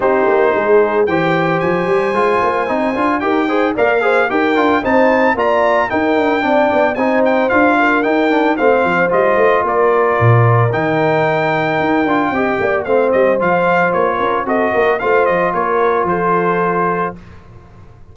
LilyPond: <<
  \new Staff \with { instrumentName = "trumpet" } { \time 4/4 \tempo 4 = 112 c''2 g''4 gis''4~ | gis''2 g''4 f''4 | g''4 a''4 ais''4 g''4~ | g''4 gis''8 g''8 f''4 g''4 |
f''4 dis''4 d''2 | g''1 | f''8 dis''8 f''4 cis''4 dis''4 | f''8 dis''8 cis''4 c''2 | }
  \new Staff \with { instrumentName = "horn" } { \time 4/4 g'4 gis'4 c''2~ | c''2 ais'8 c''8 d''8 c''8 | ais'4 c''4 d''4 ais'4 | d''4 c''4. ais'4. |
c''2 ais'2~ | ais'2. dis''8 d''8 | c''2~ c''8 ais'8 a'8 ais'8 | c''4 ais'4 a'2 | }
  \new Staff \with { instrumentName = "trombone" } { \time 4/4 dis'2 g'2 | f'4 dis'8 f'8 g'8 gis'8 ais'8 gis'8 | g'8 f'8 dis'4 f'4 dis'4 | d'4 dis'4 f'4 dis'8 d'8 |
c'4 f'2. | dis'2~ dis'8 f'8 g'4 | c'4 f'2 fis'4 | f'1 | }
  \new Staff \with { instrumentName = "tuba" } { \time 4/4 c'8 ais8 gis4 e4 f8 g8 | gis8 ais8 c'8 d'8 dis'4 ais4 | dis'8 d'8 c'4 ais4 dis'8 d'8 | c'8 b8 c'4 d'4 dis'4 |
a8 f8 g8 a8 ais4 ais,4 | dis2 dis'8 d'8 c'8 ais8 | a8 g8 f4 ais8 cis'8 c'8 ais8 | a8 f8 ais4 f2 | }
>>